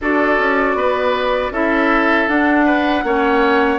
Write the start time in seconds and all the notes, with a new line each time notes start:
0.01 D4 F#4 A4 D5
0.38 C#4
0.74 B3 B4
1.50 C#4 E4 A4 E5
2.28 D4 F#5
2.65 B4
3.03 A#3 C#4 C#5